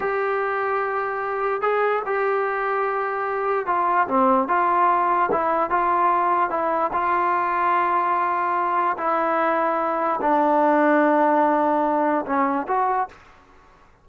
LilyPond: \new Staff \with { instrumentName = "trombone" } { \time 4/4 \tempo 4 = 147 g'1 | gis'4 g'2.~ | g'4 f'4 c'4 f'4~ | f'4 e'4 f'2 |
e'4 f'2.~ | f'2 e'2~ | e'4 d'2.~ | d'2 cis'4 fis'4 | }